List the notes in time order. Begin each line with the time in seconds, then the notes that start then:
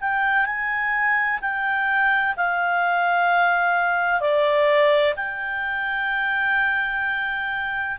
0.00 G5
0.46 G#5
1.41 G5
2.37 F5
4.20 D5
5.16 G5